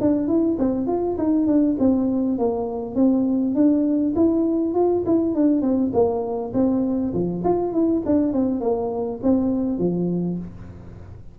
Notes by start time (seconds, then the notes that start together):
0.00 D4
0.27 E4
0.59 C4
0.87 F4
1.18 D#4
1.46 D4
1.79 C4
2.38 A#3
2.95 C4
3.54 D4
4.15 E4
4.74 F4
5.06 E4
5.35 D4
5.61 C4
5.93 A#3
6.53 C4
7.13 F3
7.44 F4
7.73 E4
8.05 D4
8.32 C4
8.60 A#3
9.23 C4
9.78 F3